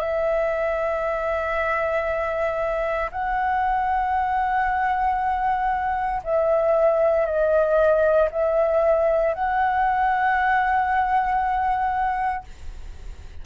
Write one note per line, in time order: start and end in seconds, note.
0.00 3.10 E5
3.11 6.22 F#5
6.24 7.26 E5
7.26 8.29 D#5
8.31 9.34 E5
9.34 12.44 F#5